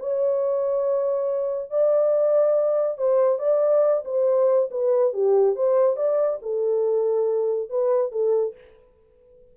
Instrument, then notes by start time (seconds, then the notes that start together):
horn
0.00 C#5
1.71 D5
2.98 C5
3.39 D5
4.05 C5
4.71 B4
5.14 G4
5.56 C5
5.97 D5
6.42 A4
7.70 B4
8.12 A4